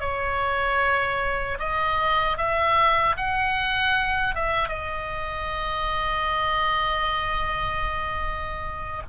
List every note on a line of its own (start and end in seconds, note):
0.00 1.58 C#5
1.59 2.37 D#5
2.37 3.16 E5
3.17 4.35 F#5
4.35 4.68 E5
4.68 9.03 D#5